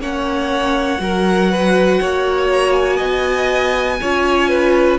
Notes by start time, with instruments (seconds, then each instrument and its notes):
0.00 cello A#3, viola C#4, violin C#5 F#5
0.98 cello F#3, viola F#4, violin A#4
1.51 violin B4
2.00 cello A#3, violin C#5
2.51 violin A#5
2.72 violin G#5
2.96 cello B3, violin D#5
4.01 cello C#4, viola F4, violin C#5
4.49 violin B4